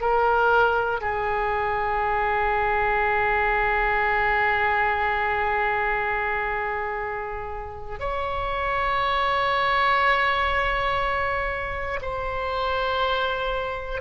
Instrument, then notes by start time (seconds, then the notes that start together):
oboe
0.00 A#4
1.00 G#4
7.99 C#5
12.01 C5